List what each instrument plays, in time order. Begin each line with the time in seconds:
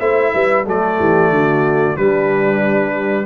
0.00 tuba A3, trombone E4, horn C5, trumpet E5
0.34 tuba G3, horn B4
0.66 tuba F#3, trombone A3, horn A4, trumpet D5
0.99 tuba E3, horn G4
1.30 tuba D3, horn F#4
1.96 tuba G3, trombone G3, horn D4, trumpet B4